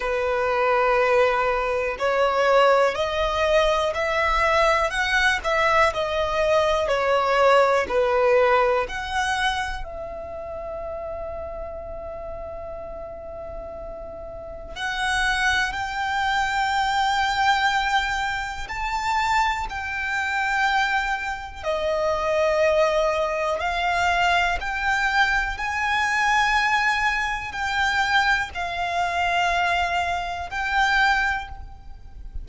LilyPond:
\new Staff \with { instrumentName = "violin" } { \time 4/4 \tempo 4 = 61 b'2 cis''4 dis''4 | e''4 fis''8 e''8 dis''4 cis''4 | b'4 fis''4 e''2~ | e''2. fis''4 |
g''2. a''4 | g''2 dis''2 | f''4 g''4 gis''2 | g''4 f''2 g''4 | }